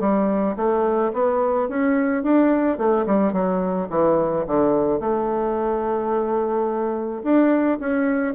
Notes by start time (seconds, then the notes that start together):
0.00 G3
0.56 A3
1.13 B3
1.69 C#4
2.23 D4
2.78 A3
3.06 G3
3.33 F#3
3.90 E3
4.46 D3
5.00 A3
7.23 D4
7.80 C#4